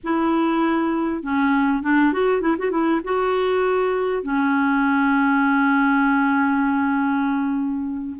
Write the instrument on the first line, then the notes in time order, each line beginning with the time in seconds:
clarinet
0.03 E4
1.22 C#4
1.83 D4
2.12 F#4
2.41 E4
2.58 F#4
2.70 E4
3.04 F#4
4.23 C#4